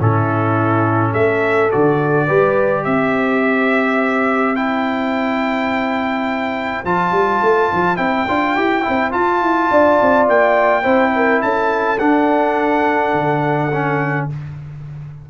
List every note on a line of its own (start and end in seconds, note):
0.00 1.14 A2
0.00 1.71 C#4
0.00 1.12 E4
0.00 1.13 A4
1.12 1.71 A3
1.12 2.26 A4
1.12 1.71 E5
1.71 2.30 D3
1.71 2.28 F#4
1.71 2.84 D5
2.27 2.86 G3
2.27 4.56 G4
2.27 2.84 B4
2.84 6.84 C4
2.84 9.69 C5
2.84 4.56 E5
4.56 6.85 E4
4.56 6.84 G5
6.84 7.11 F3
6.84 7.97 F4
6.84 7.97 A5
7.11 7.40 G3
7.42 7.70 A3
7.73 7.98 F3
7.97 8.27 C4
7.97 8.25 E4
7.97 9.11 G5
8.28 8.57 D4
8.28 8.56 F4
8.56 8.85 E4
8.56 8.82 G4
8.82 9.11 E4
8.88 9.14 C4
9.11 10.82 F4
9.11 9.41 F4
9.11 10.27 A5
9.41 9.70 E4
9.70 9.99 D4
9.70 10.83 D5
10.01 10.28 C4
10.28 10.85 A#3
10.28 11.42 G5
10.83 11.42 C4
10.83 11.98 E4
10.83 11.12 C5
11.16 11.44 A#4
11.42 12.00 C#4
11.42 14.30 A4
11.42 11.98 A5
11.98 13.71 D4
11.98 13.13 D4
11.98 14.27 F#5
13.13 14.27 D3
13.73 14.30 C#4